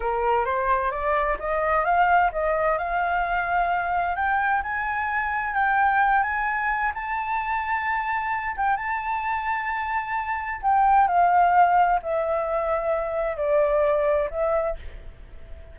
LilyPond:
\new Staff \with { instrumentName = "flute" } { \time 4/4 \tempo 4 = 130 ais'4 c''4 d''4 dis''4 | f''4 dis''4 f''2~ | f''4 g''4 gis''2 | g''4. gis''4. a''4~ |
a''2~ a''8 g''8 a''4~ | a''2. g''4 | f''2 e''2~ | e''4 d''2 e''4 | }